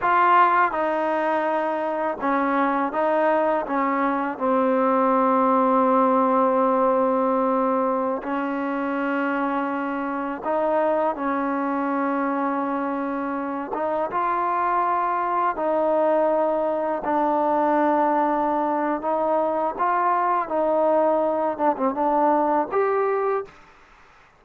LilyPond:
\new Staff \with { instrumentName = "trombone" } { \time 4/4 \tempo 4 = 82 f'4 dis'2 cis'4 | dis'4 cis'4 c'2~ | c'2.~ c'16 cis'8.~ | cis'2~ cis'16 dis'4 cis'8.~ |
cis'2~ cis'8. dis'8 f'8.~ | f'4~ f'16 dis'2 d'8.~ | d'2 dis'4 f'4 | dis'4. d'16 c'16 d'4 g'4 | }